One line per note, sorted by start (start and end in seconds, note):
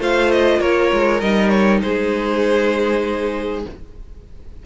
0.00 0.61 A3
0.00 1.21 F4
0.00 0.60 C5
0.00 0.32 F5
0.32 0.61 D#5
0.60 0.92 A#3
0.60 1.81 A#4
0.60 1.21 C#5
0.93 1.22 G#3
1.21 1.83 G3
1.21 3.65 D#4
1.21 1.50 D#5
1.50 1.80 C#5
1.82 3.66 G#3
1.82 3.66 G#4
1.82 3.64 C5